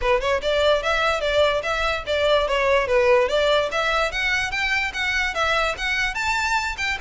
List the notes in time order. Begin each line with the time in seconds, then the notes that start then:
0.01 B4
0.20 C#5
0.42 D5
0.82 E5
1.20 D5
1.63 E5
2.06 D5
2.47 C#5
2.87 B4
3.28 D5
3.71 E5
4.11 F#5
4.51 G5
4.93 F#5
5.34 E5
5.77 F#5
6.14 A5
6.77 G5